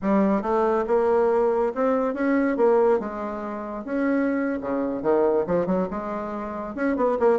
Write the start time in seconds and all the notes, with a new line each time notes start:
0.02 G3
0.42 A3
0.87 A#3
1.75 C4
2.14 C#4
2.57 A#3
2.99 G#3
3.84 C#4
4.61 C#3
5.02 D#3
5.46 F3
5.66 F#3
5.90 G#3
6.75 C#4
6.96 B3
7.19 A#3